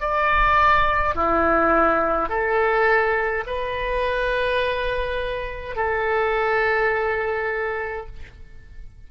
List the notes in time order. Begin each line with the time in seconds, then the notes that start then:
0.00 D5
1.15 E4
2.29 A4
3.47 B4
5.76 A4